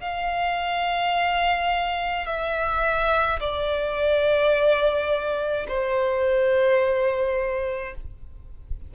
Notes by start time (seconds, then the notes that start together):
0.00 F5
2.26 E5
3.40 D5
5.68 C5